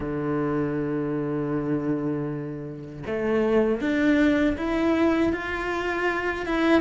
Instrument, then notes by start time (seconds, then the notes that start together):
cello
0.00 D3
3.06 A3
3.80 D4
4.57 E4
5.32 F4
6.46 E4